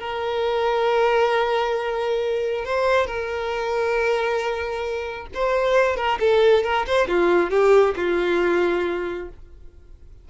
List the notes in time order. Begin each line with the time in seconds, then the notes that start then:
0.00 A#4
2.65 C5
3.07 A#4
5.34 C5
5.96 A#4
6.20 A4
6.64 A#4
6.87 C5
7.08 F4
7.50 G4
7.96 F4